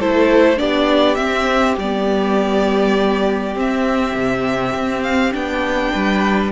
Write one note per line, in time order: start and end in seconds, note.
0.00 0.59 A3
0.00 0.57 E4
0.00 0.59 A4
0.00 0.58 C5
0.57 1.17 B3
0.57 1.16 D4
0.57 5.93 G4
0.57 1.15 D5
1.15 1.76 C4
1.15 1.77 C4
1.15 1.75 E5
1.78 3.56 G3
1.78 3.56 B3
1.78 3.58 D5
3.56 4.15 C4
3.56 5.33 C4
3.56 5.03 E5
4.15 4.74 C3
4.74 5.33 C4
5.03 5.33 F5
5.33 5.94 B3
5.33 6.51 D4
5.33 6.52 G5
5.93 6.52 G3
5.93 6.52 B4